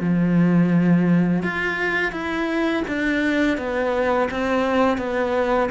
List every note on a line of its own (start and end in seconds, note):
0.00 1.43 F3
1.43 2.12 F4
2.12 2.83 E4
2.88 3.57 D4
3.57 4.29 B3
4.31 4.98 C4
4.98 5.69 B3